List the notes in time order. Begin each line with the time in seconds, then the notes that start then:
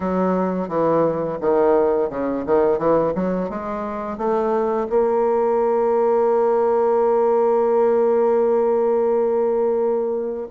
0.00 F#3
0.68 E3
1.40 D#3
2.09 C#3
2.45 D#3
2.78 E3
3.14 F#3
3.49 G#3
4.17 A3
4.89 A#3